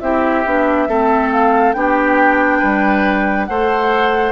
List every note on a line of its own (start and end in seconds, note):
0.00 0.45 C4
0.00 0.45 E4
0.00 0.89 G4
0.00 1.30 E5
0.45 0.88 B3
0.45 0.88 D4
0.88 1.75 A3
0.88 1.75 C4
0.88 1.76 A4
1.32 1.73 F5
1.73 2.62 B3
1.73 3.49 D4
1.73 2.59 G4
1.73 3.46 G5
2.59 3.49 G3
2.59 3.46 B4
3.46 4.32 A3
3.46 4.32 A4
3.46 4.32 C5
3.46 4.32 F#5